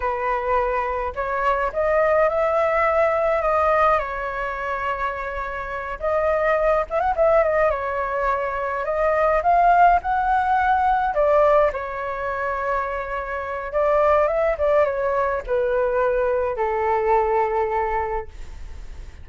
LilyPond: \new Staff \with { instrumentName = "flute" } { \time 4/4 \tempo 4 = 105 b'2 cis''4 dis''4 | e''2 dis''4 cis''4~ | cis''2~ cis''8 dis''4. | e''16 fis''16 e''8 dis''8 cis''2 dis''8~ |
dis''8 f''4 fis''2 d''8~ | d''8 cis''2.~ cis''8 | d''4 e''8 d''8 cis''4 b'4~ | b'4 a'2. | }